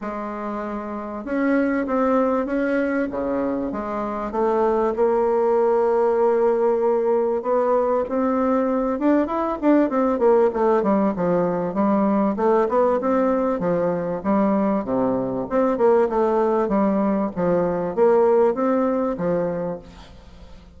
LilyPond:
\new Staff \with { instrumentName = "bassoon" } { \time 4/4 \tempo 4 = 97 gis2 cis'4 c'4 | cis'4 cis4 gis4 a4 | ais1 | b4 c'4. d'8 e'8 d'8 |
c'8 ais8 a8 g8 f4 g4 | a8 b8 c'4 f4 g4 | c4 c'8 ais8 a4 g4 | f4 ais4 c'4 f4 | }